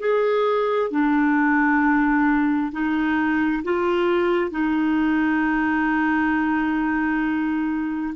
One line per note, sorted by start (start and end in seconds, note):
0.00 0.91 G#4
0.91 2.72 D4
2.72 3.63 D#4
3.64 4.51 F4
4.51 8.15 D#4